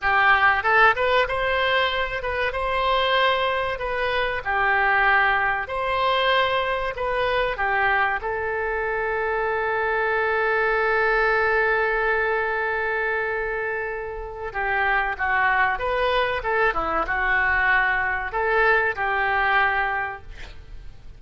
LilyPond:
\new Staff \with { instrumentName = "oboe" } { \time 4/4 \tempo 4 = 95 g'4 a'8 b'8 c''4. b'8 | c''2 b'4 g'4~ | g'4 c''2 b'4 | g'4 a'2.~ |
a'1~ | a'2. g'4 | fis'4 b'4 a'8 e'8 fis'4~ | fis'4 a'4 g'2 | }